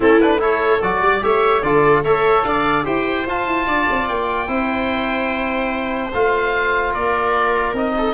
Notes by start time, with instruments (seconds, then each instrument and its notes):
0.00 tuba A3, trombone C#4, viola E4, oboe A4
0.20 trombone D4, oboe B4
0.39 trombone E4, viola A4, oboe C#5
0.81 tuba F#3, trombone F#4, oboe D5
1.01 tuba G3, viola D5
1.20 tuba A3, trombone G4, viola C#5, oboe E5
1.62 tuba D3, trombone F4, viola A4, oboe D5
2.03 tuba A3, trombone A4, viola C#5, oboe E5
2.43 tuba D4, viola D5, oboe F5
2.84 tuba E4, trombone G4, viola C5, oboe G5
3.26 tuba F4, trombone F4, oboe A5
3.45 tuba E4
3.66 tuba D4, viola D5
3.89 tuba C4
4.08 tuba A#3, oboe G5
4.47 tuba C4, trombone E4, viola C5
6.13 tuba A3, trombone F4, oboe F5
6.92 tuba A#3, viola A#4, oboe D5
7.73 tuba C4, trombone D#4, oboe D#5
7.97 viola A4